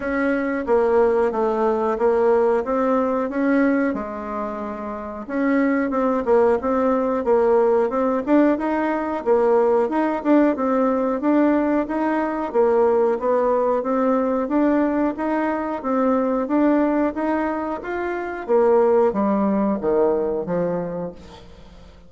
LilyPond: \new Staff \with { instrumentName = "bassoon" } { \time 4/4 \tempo 4 = 91 cis'4 ais4 a4 ais4 | c'4 cis'4 gis2 | cis'4 c'8 ais8 c'4 ais4 | c'8 d'8 dis'4 ais4 dis'8 d'8 |
c'4 d'4 dis'4 ais4 | b4 c'4 d'4 dis'4 | c'4 d'4 dis'4 f'4 | ais4 g4 dis4 f4 | }